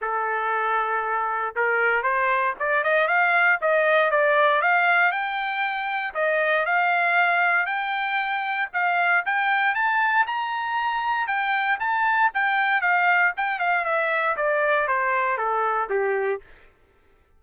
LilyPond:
\new Staff \with { instrumentName = "trumpet" } { \time 4/4 \tempo 4 = 117 a'2. ais'4 | c''4 d''8 dis''8 f''4 dis''4 | d''4 f''4 g''2 | dis''4 f''2 g''4~ |
g''4 f''4 g''4 a''4 | ais''2 g''4 a''4 | g''4 f''4 g''8 f''8 e''4 | d''4 c''4 a'4 g'4 | }